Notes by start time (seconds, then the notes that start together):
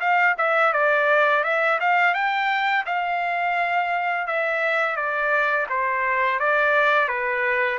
0.00 F5
0.38 E5
0.73 D5
1.43 E5
1.80 F5
2.14 G5
2.86 F5
4.27 E5
4.96 D5
5.69 C5
6.39 D5
7.08 B4